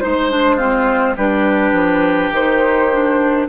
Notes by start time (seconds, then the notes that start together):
0.00 G#3 D#4 C5
0.31 D4
0.56 C4 F4
1.16 G3 D4 G4 B4
1.72 F3
2.30 D#3 D#4 C5
2.92 D4